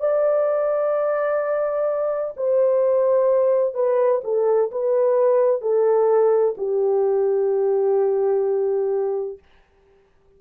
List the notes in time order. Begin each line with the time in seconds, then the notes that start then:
0.00 D5
2.37 C5
3.74 B4
4.24 A4
4.71 B4
5.61 A4
6.58 G4